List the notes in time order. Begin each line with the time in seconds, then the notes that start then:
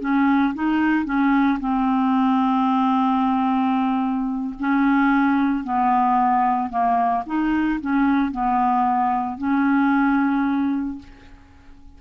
0.00 C#4
0.54 D#4
1.05 C#4
1.59 C4
4.59 C#4
5.64 B3
6.69 A#3
7.26 D#4
7.80 C#4
8.31 B3
9.37 C#4